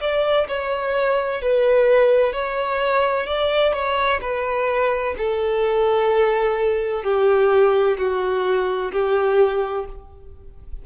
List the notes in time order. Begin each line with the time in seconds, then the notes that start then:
0.00 D5
0.47 C#5
1.41 B4
2.32 C#5
3.26 D5
3.73 C#5
4.21 B4
5.17 A4
7.03 G4
7.97 F#4
8.91 G4